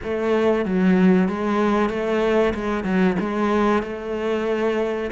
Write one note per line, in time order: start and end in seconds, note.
0.03 0.65 A3
0.65 1.28 F#3
1.28 1.89 G#3
1.89 2.53 A3
2.54 2.84 G#3
2.84 3.16 F#3
3.19 3.83 G#3
3.83 5.10 A3